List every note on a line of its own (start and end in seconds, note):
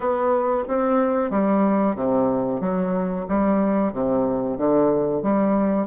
0.00 0.63 B3
0.68 1.30 C4
1.30 1.95 G3
1.95 2.60 C3
2.60 3.25 F#3
3.28 3.92 G3
3.92 4.57 C3
4.57 5.22 D3
5.22 5.87 G3